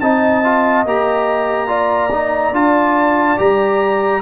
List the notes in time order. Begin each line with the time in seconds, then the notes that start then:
0.00 C4 D#4 D#5 A5
0.44 F4
0.85 A#3 G4 A#5
1.67 F4 D5
2.11 D#4
2.52 D4 F4 A5
3.37 G3 G4 A#5